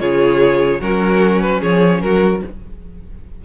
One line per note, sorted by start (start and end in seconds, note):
0.00 0.81 C#3
0.00 0.81 F4
0.00 0.81 G#4
0.00 0.81 C#5
0.81 1.62 F#3
0.81 2.42 C#4
0.81 1.60 F#4
0.81 1.42 A#4
1.42 1.62 B4
1.60 2.03 F3
1.60 2.00 G#4
1.60 2.02 C#5
2.02 2.43 F#3
2.02 2.45 F#4
2.02 2.42 A#4